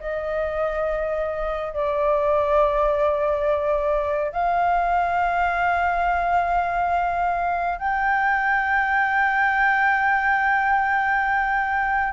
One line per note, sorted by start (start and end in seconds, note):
0.00 1.74 D#5
1.74 4.32 D5
4.32 7.79 F5
7.79 12.13 G5